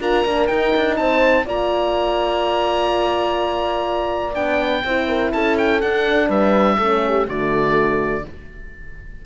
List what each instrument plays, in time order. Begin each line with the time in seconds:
0.00 cello D4, horn F4 A#4, oboe A#5
0.25 cello A#3, horn D4
0.47 horn D#4, cello D#4, oboe G5
0.76 cello D4
0.96 cello C4, horn C5, oboe A5
1.45 cello A#3, horn F4 D5, oboe A#5
4.34 cello B3, horn D4, oboe G5
4.84 cello C4, horn E4 C5
5.08 horn A#4
5.32 cello C#4, horn A4, oboe A5
5.58 oboe G5
5.81 cello D4, horn D4, oboe F#5
6.28 cello G3, horn B4, oboe E5
6.78 cello A3, horn C#4 A4
7.08 horn G4
7.27 cello D3, horn A3 F#4, oboe D5